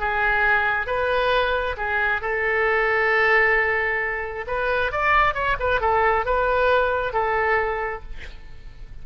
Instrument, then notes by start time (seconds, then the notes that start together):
oboe
0.00 G#4
0.87 B4
1.77 G#4
2.22 A4
4.47 B4
4.92 D5
5.34 C#5
5.59 B4
5.81 A4
6.26 B4
7.13 A4